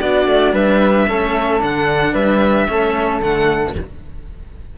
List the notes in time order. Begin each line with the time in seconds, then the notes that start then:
0.00 B3 D4 F#4 D5
0.26 A3
0.52 G3 B4 E5
1.08 A3 C#4 A4
1.60 D3 D4 F#5
2.12 G3 B4 E5
2.67 A3 C#4 A4
3.20 D3 A3 F#5